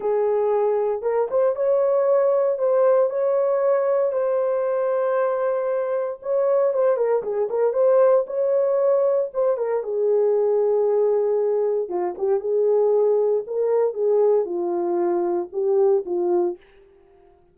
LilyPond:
\new Staff \with { instrumentName = "horn" } { \time 4/4 \tempo 4 = 116 gis'2 ais'8 c''8 cis''4~ | cis''4 c''4 cis''2 | c''1 | cis''4 c''8 ais'8 gis'8 ais'8 c''4 |
cis''2 c''8 ais'8 gis'4~ | gis'2. f'8 g'8 | gis'2 ais'4 gis'4 | f'2 g'4 f'4 | }